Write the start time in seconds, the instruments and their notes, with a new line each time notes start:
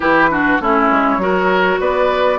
0.00 bassoon E3, clarinet E4, oboe G4, flute B4
0.30 clarinet D4, oboe F#4
0.60 bassoon A3, clarinet C#4, oboe E4, flute C#5
0.90 bassoon G#3
1.17 bassoon F#3, clarinet F#4, oboe A#4
1.80 bassoon B3, oboe B4, flute D5